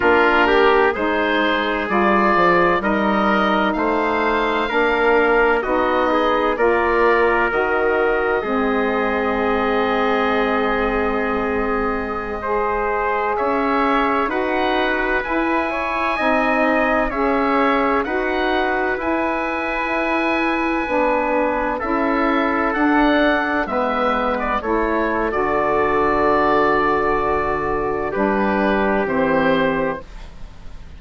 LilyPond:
<<
  \new Staff \with { instrumentName = "oboe" } { \time 4/4 \tempo 4 = 64 ais'4 c''4 d''4 dis''4 | f''2 dis''4 d''4 | dis''1~ | dis''2~ dis''16 e''4 fis''8.~ |
fis''16 gis''2 e''4 fis''8.~ | fis''16 gis''2. e''8.~ | e''16 fis''4 e''8. d''16 cis''8. d''4~ | d''2 b'4 c''4 | }
  \new Staff \with { instrumentName = "trumpet" } { \time 4/4 f'8 g'8 gis'2 ais'4 | c''4 ais'4 fis'8 gis'8 ais'4~ | ais'4 gis'2.~ | gis'4~ gis'16 c''4 cis''4 b'8.~ |
b'8. cis''8 dis''4 cis''4 b'8.~ | b'2.~ b'16 a'8.~ | a'4~ a'16 b'4 a'4.~ a'16~ | a'2 g'2 | }
  \new Staff \with { instrumentName = "saxophone" } { \time 4/4 d'4 dis'4 f'4 dis'4~ | dis'4 d'4 dis'4 f'4 | fis'4 c'2.~ | c'4~ c'16 gis'2 fis'8.~ |
fis'16 e'4 dis'4 gis'4 fis'8.~ | fis'16 e'2 d'4 e'8.~ | e'16 d'4 b4 e'8. fis'4~ | fis'2 d'4 c'4 | }
  \new Staff \with { instrumentName = "bassoon" } { \time 4/4 ais4 gis4 g8 f8 g4 | a4 ais4 b4 ais4 | dis4 gis2.~ | gis2~ gis16 cis'4 dis'8.~ |
dis'16 e'4 c'4 cis'4 dis'8.~ | dis'16 e'2 b4 cis'8.~ | cis'16 d'4 gis4 a8. d4~ | d2 g4 e4 | }
>>